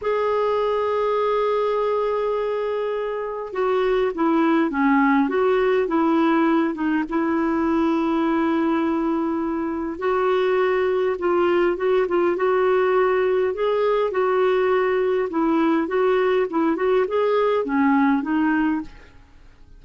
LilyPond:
\new Staff \with { instrumentName = "clarinet" } { \time 4/4 \tempo 4 = 102 gis'1~ | gis'2 fis'4 e'4 | cis'4 fis'4 e'4. dis'8 | e'1~ |
e'4 fis'2 f'4 | fis'8 f'8 fis'2 gis'4 | fis'2 e'4 fis'4 | e'8 fis'8 gis'4 cis'4 dis'4 | }